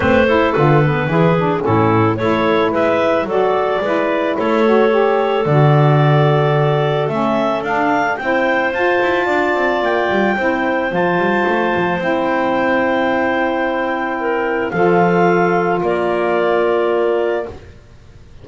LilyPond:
<<
  \new Staff \with { instrumentName = "clarinet" } { \time 4/4 \tempo 4 = 110 c''4 b'2 a'4 | cis''4 e''4 d''2 | cis''2 d''2~ | d''4 e''4 f''4 g''4 |
a''2 g''2 | a''2 g''2~ | g''2. f''4~ | f''4 d''2. | }
  \new Staff \with { instrumentName = "clarinet" } { \time 4/4 b'8 a'4. gis'4 e'4 | a'4 b'4 a'4 b'4 | a'1~ | a'2. c''4~ |
c''4 d''2 c''4~ | c''1~ | c''2 ais'4 a'4~ | a'4 ais'2. | }
  \new Staff \with { instrumentName = "saxophone" } { \time 4/4 c'8 e'8 f'8 b8 e'8 d'8 cis'4 | e'2 fis'4 e'4~ | e'8 fis'8 g'4 fis'2~ | fis'4 cis'4 d'4 e'4 |
f'2. e'4 | f'2 e'2~ | e'2. f'4~ | f'1 | }
  \new Staff \with { instrumentName = "double bass" } { \time 4/4 a4 d4 e4 a,4 | a4 gis4 fis4 gis4 | a2 d2~ | d4 a4 d'4 c'4 |
f'8 e'8 d'8 c'8 ais8 g8 c'4 | f8 g8 a8 f8 c'2~ | c'2. f4~ | f4 ais2. | }
>>